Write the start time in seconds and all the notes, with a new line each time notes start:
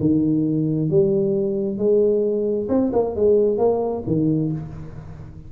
0.00 D#3
0.90 G3
1.78 G#3
2.69 C4
2.93 A#3
3.16 G#3
3.58 A#3
4.07 D#3